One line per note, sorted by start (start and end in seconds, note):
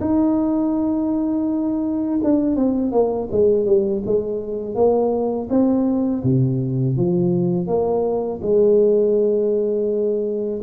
0.00 2.20 D#4
2.23 2.55 D4
2.55 2.91 C4
2.91 3.28 A#3
3.31 3.66 G#3
3.66 4.02 G3
4.05 4.74 G#3
4.74 5.47 A#3
5.49 6.23 C4
6.23 6.96 C3
6.96 7.67 F3
7.67 8.40 A#3
8.41 10.61 G#3